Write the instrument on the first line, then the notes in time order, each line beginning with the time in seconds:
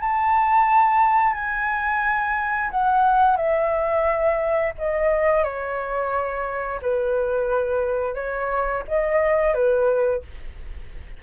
flute
0.00 A5
1.34 G#5
2.70 F#5
3.36 E5
4.78 D#5
5.44 C#5
6.82 B4
8.14 C#5
8.88 D#5
9.54 B4